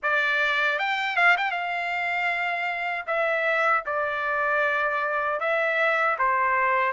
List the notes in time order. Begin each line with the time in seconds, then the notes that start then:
0.02 D5
0.78 G5
1.16 F5
1.37 G5
1.51 F5
3.06 E5
3.86 D5
5.40 E5
6.18 C5